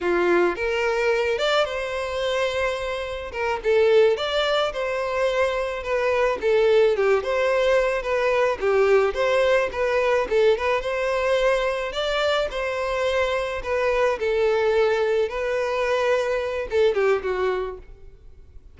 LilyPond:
\new Staff \with { instrumentName = "violin" } { \time 4/4 \tempo 4 = 108 f'4 ais'4. d''8 c''4~ | c''2 ais'8 a'4 d''8~ | d''8 c''2 b'4 a'8~ | a'8 g'8 c''4. b'4 g'8~ |
g'8 c''4 b'4 a'8 b'8 c''8~ | c''4. d''4 c''4.~ | c''8 b'4 a'2 b'8~ | b'2 a'8 g'8 fis'4 | }